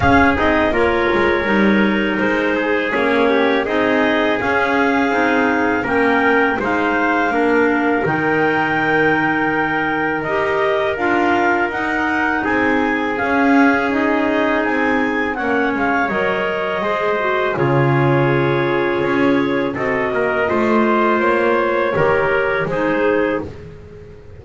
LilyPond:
<<
  \new Staff \with { instrumentName = "clarinet" } { \time 4/4 \tempo 4 = 82 f''8 dis''8 cis''2 c''4 | cis''4 dis''4 f''2 | g''4 f''2 g''4~ | g''2 dis''4 f''4 |
fis''4 gis''4 f''4 dis''4 | gis''4 fis''8 f''8 dis''2 | cis''2. dis''4~ | dis''4 cis''2 c''4 | }
  \new Staff \with { instrumentName = "trumpet" } { \time 4/4 gis'4 ais'2~ ais'8 gis'8~ | gis'8 g'8 gis'2. | ais'4 c''4 ais'2~ | ais'1~ |
ais'4 gis'2.~ | gis'4 cis''2 c''4 | gis'2. a'8 ais'8 | c''2 ais'4 gis'4 | }
  \new Staff \with { instrumentName = "clarinet" } { \time 4/4 cis'8 dis'8 f'4 dis'2 | cis'4 dis'4 cis'4 dis'4 | cis'4 dis'4 d'4 dis'4~ | dis'2 g'4 f'4 |
dis'2 cis'4 dis'4~ | dis'4 cis'4 ais'4 gis'8 fis'8 | f'2. fis'4 | f'2 g'4 dis'4 | }
  \new Staff \with { instrumentName = "double bass" } { \time 4/4 cis'8 c'8 ais8 gis8 g4 gis4 | ais4 c'4 cis'4 c'4 | ais4 gis4 ais4 dis4~ | dis2 dis'4 d'4 |
dis'4 c'4 cis'2 | c'4 ais8 gis8 fis4 gis4 | cis2 cis'4 c'8 ais8 | a4 ais4 dis4 gis4 | }
>>